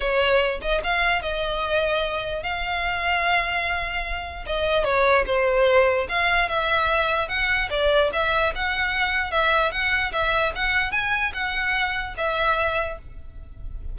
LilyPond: \new Staff \with { instrumentName = "violin" } { \time 4/4 \tempo 4 = 148 cis''4. dis''8 f''4 dis''4~ | dis''2 f''2~ | f''2. dis''4 | cis''4 c''2 f''4 |
e''2 fis''4 d''4 | e''4 fis''2 e''4 | fis''4 e''4 fis''4 gis''4 | fis''2 e''2 | }